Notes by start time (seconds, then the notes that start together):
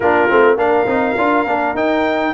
0.00 A#3 D4 F4 A#4
0.29 A3 C4
0.56 A#3 D4 A#4 F5
0.85 C4 D#4
1.17 D4 F4
1.45 A#3 D4
1.74 D#4 G5